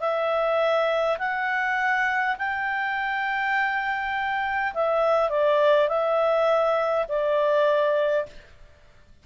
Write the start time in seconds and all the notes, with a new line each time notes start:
0.00 E5
1.19 F#5
2.39 G5
4.74 E5
5.30 D5
5.88 E5
7.09 D5